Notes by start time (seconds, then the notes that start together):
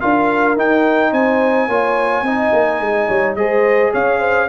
0.00 D4 F4 A#4 F5
0.56 D#4 G5
1.12 C4 C5 G#5
1.67 A#3 F4 C#5
2.22 C4 D#4 D#5
2.52 A#3
2.80 G#3
3.08 G3 C#5
3.35 G#3 G#4 C5 D#5
3.92 C#4 C#5 F5
4.19 C5